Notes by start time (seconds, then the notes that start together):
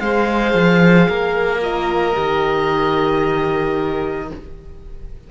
0.00 G#3 G#4 C5 F5
0.54 F3
1.08 A#3 A#4
1.61 F4 D#5
2.14 D#3 G4